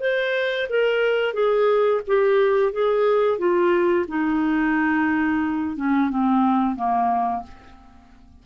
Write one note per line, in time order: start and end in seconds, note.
0.00 0.67 C5
0.69 1.34 A#4
1.34 2.01 G#4
2.07 2.72 G4
2.72 3.38 G#4
3.38 4.06 F4
4.08 5.76 D#4
5.76 6.09 C#4
6.09 6.75 C4
6.75 7.43 A#3